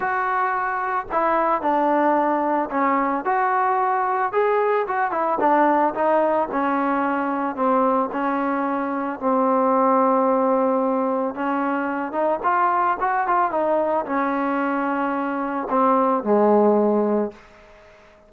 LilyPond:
\new Staff \with { instrumentName = "trombone" } { \time 4/4 \tempo 4 = 111 fis'2 e'4 d'4~ | d'4 cis'4 fis'2 | gis'4 fis'8 e'8 d'4 dis'4 | cis'2 c'4 cis'4~ |
cis'4 c'2.~ | c'4 cis'4. dis'8 f'4 | fis'8 f'8 dis'4 cis'2~ | cis'4 c'4 gis2 | }